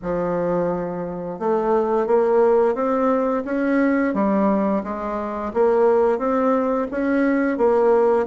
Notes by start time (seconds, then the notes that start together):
0.02 F3
1.39 A3
2.06 A#3
2.74 C4
3.45 C#4
4.13 G3
4.83 G#3
5.53 A#3
6.18 C4
6.91 C#4
7.57 A#3